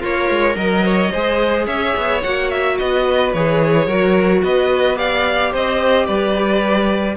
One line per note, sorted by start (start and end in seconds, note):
0.00 0.30 A#3
0.00 0.55 F4
0.00 1.11 A#4
0.00 0.56 C#5
0.30 0.56 G#3
0.56 1.11 F#3
0.56 0.85 A#4
0.56 1.66 D#5
0.85 1.12 C#5
1.12 1.67 G#3
1.12 2.24 G#4
1.12 1.66 C5
1.66 1.95 C#4
1.66 2.76 C#5
1.66 2.22 E5
1.97 2.25 B3
2.23 2.80 A#3
2.23 3.35 F#4
2.23 2.50 F#5
2.50 2.78 E5
2.78 3.34 B3
2.78 3.87 B4
2.78 3.33 D#5
3.33 3.87 E3
3.33 3.88 G#4
3.33 4.43 C#5
3.87 4.42 F#3
3.87 4.96 F#4
3.87 4.42 A#4
4.44 5.54 B3
4.44 4.99 B4
4.44 4.98 D#5
4.96 7.17 G4
4.96 5.52 D5
4.96 5.53 F5
5.52 6.09 C4
5.52 6.06 C5
5.52 6.07 D#5
6.06 7.17 G3
6.06 7.16 B4
6.06 7.17 D5